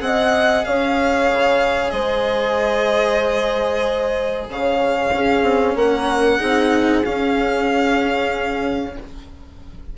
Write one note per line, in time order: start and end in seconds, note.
0.00 0.64 C4
0.00 5.11 G#4
0.00 0.67 D#5
0.00 0.65 F#5
0.65 1.32 C#4
0.65 1.94 C#5
0.65 1.90 F5
1.32 1.92 C#3
1.90 4.47 G#3
1.90 4.49 C5
1.90 4.46 D#5
4.49 5.12 C#3
4.49 5.16 C#5
4.49 5.77 F5
5.13 5.42 C#4
5.13 6.39 C#4
5.13 5.77 G#4
5.42 5.74 C4
5.75 6.39 A#3
5.75 6.38 A#4
5.75 7.05 F#5
6.38 7.06 C4
6.38 7.03 D#4
6.38 8.94 G#4
7.05 8.97 C#4
7.05 8.98 C#4
7.05 8.96 F5